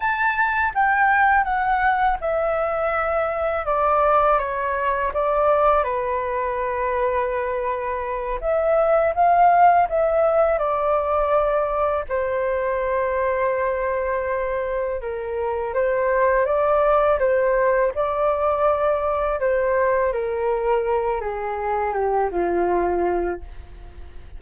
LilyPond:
\new Staff \with { instrumentName = "flute" } { \time 4/4 \tempo 4 = 82 a''4 g''4 fis''4 e''4~ | e''4 d''4 cis''4 d''4 | b'2.~ b'8 e''8~ | e''8 f''4 e''4 d''4.~ |
d''8 c''2.~ c''8~ | c''8 ais'4 c''4 d''4 c''8~ | c''8 d''2 c''4 ais'8~ | ais'4 gis'4 g'8 f'4. | }